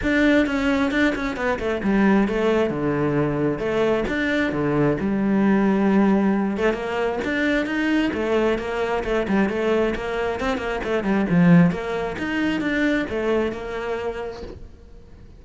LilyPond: \new Staff \with { instrumentName = "cello" } { \time 4/4 \tempo 4 = 133 d'4 cis'4 d'8 cis'8 b8 a8 | g4 a4 d2 | a4 d'4 d4 g4~ | g2~ g8 a8 ais4 |
d'4 dis'4 a4 ais4 | a8 g8 a4 ais4 c'8 ais8 | a8 g8 f4 ais4 dis'4 | d'4 a4 ais2 | }